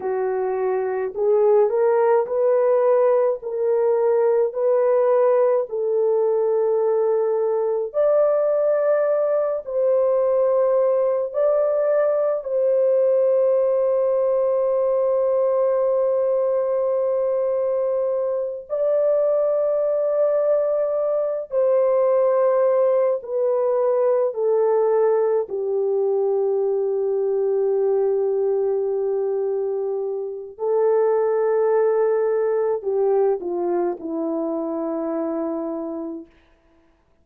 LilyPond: \new Staff \with { instrumentName = "horn" } { \time 4/4 \tempo 4 = 53 fis'4 gis'8 ais'8 b'4 ais'4 | b'4 a'2 d''4~ | d''8 c''4. d''4 c''4~ | c''1~ |
c''8 d''2~ d''8 c''4~ | c''8 b'4 a'4 g'4.~ | g'2. a'4~ | a'4 g'8 f'8 e'2 | }